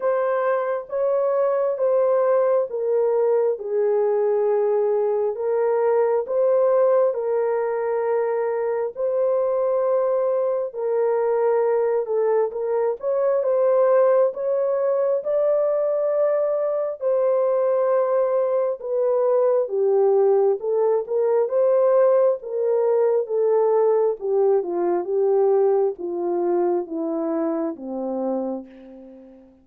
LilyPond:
\new Staff \with { instrumentName = "horn" } { \time 4/4 \tempo 4 = 67 c''4 cis''4 c''4 ais'4 | gis'2 ais'4 c''4 | ais'2 c''2 | ais'4. a'8 ais'8 cis''8 c''4 |
cis''4 d''2 c''4~ | c''4 b'4 g'4 a'8 ais'8 | c''4 ais'4 a'4 g'8 f'8 | g'4 f'4 e'4 c'4 | }